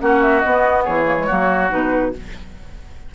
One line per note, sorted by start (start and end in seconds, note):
0.00 0.44 A#3
0.00 0.43 C#4
0.00 0.84 F#4
0.00 0.22 F#5
0.22 0.40 E5
0.40 1.05 B3
0.40 0.87 B3
0.40 0.83 D#5
0.84 1.30 E3
0.84 1.27 G#4
0.84 1.71 C#5
1.05 1.16 A#3
1.18 1.29 G#3
1.27 1.72 F#3
1.27 1.69 A#3
1.27 2.12 F#4
1.69 2.15 B2
1.69 2.12 D#4
1.69 2.14 B4